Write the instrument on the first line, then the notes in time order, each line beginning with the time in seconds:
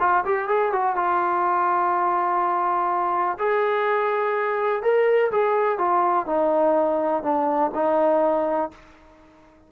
trombone
0.00 F4
0.25 G4
0.48 G#4
0.72 F#4
0.96 F4
3.38 G#4
4.83 A#4
5.32 G#4
5.78 F4
6.26 D#4
7.23 D4
7.74 D#4